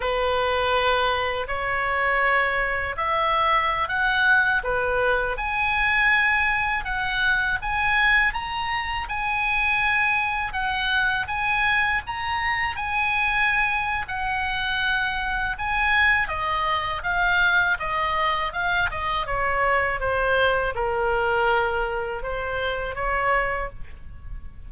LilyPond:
\new Staff \with { instrumentName = "oboe" } { \time 4/4 \tempo 4 = 81 b'2 cis''2 | e''4~ e''16 fis''4 b'4 gis''8.~ | gis''4~ gis''16 fis''4 gis''4 ais''8.~ | ais''16 gis''2 fis''4 gis''8.~ |
gis''16 ais''4 gis''4.~ gis''16 fis''4~ | fis''4 gis''4 dis''4 f''4 | dis''4 f''8 dis''8 cis''4 c''4 | ais'2 c''4 cis''4 | }